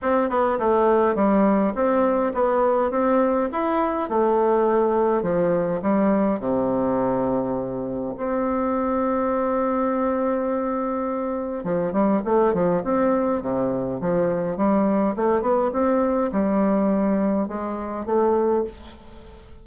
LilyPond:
\new Staff \with { instrumentName = "bassoon" } { \time 4/4 \tempo 4 = 103 c'8 b8 a4 g4 c'4 | b4 c'4 e'4 a4~ | a4 f4 g4 c4~ | c2 c'2~ |
c'1 | f8 g8 a8 f8 c'4 c4 | f4 g4 a8 b8 c'4 | g2 gis4 a4 | }